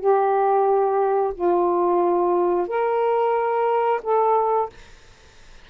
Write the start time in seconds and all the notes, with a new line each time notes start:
0.00 G4
1.35 F4
2.68 A#4
4.03 A4